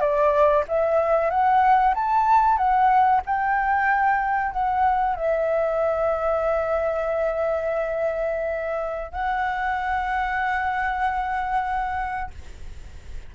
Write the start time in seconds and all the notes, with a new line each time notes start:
0.00 D5
0.68 E5
1.30 F#5
1.95 A5
2.57 F#5
3.26 G5
4.52 F#5
5.16 E5
9.12 F#5